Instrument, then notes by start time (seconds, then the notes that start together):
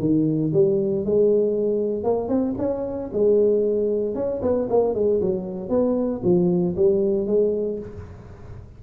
tuba
0.00 D#3
0.53 G3
1.06 G#3
2.04 A#3
2.29 C4
2.58 C#4
3.13 G#3
4.15 C#4
4.42 B3
4.70 A#3
4.94 G#3
5.21 F#3
5.69 B3
6.24 F3
6.77 G3
7.27 G#3